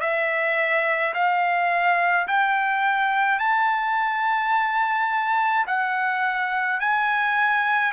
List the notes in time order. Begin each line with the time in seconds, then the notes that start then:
0.00 E5
1.13 F5
2.27 G5
3.39 A5
5.67 F#5
6.80 G#5